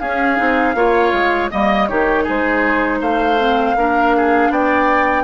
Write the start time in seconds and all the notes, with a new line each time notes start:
0.00 C#4 G#4 F5
0.37 C4 D#4
0.75 A#3 F4 C#5
1.13 G#3
1.51 G3 A#3 D#5
1.88 D#3 D#4 G4 C#5
2.24 G#3 G#4 C5
3.01 A3 C5 F5
3.39 C4
3.76 A#3 D4 A#4
4.17 G#4
4.50 B3 D5 G5